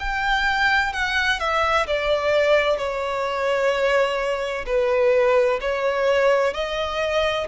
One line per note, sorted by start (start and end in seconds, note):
0.00 0.93 G5
0.93 1.40 F#5
1.40 1.87 E5
1.87 2.78 D5
2.78 4.65 C#5
4.66 5.60 B4
5.61 6.54 C#5
6.54 7.47 D#5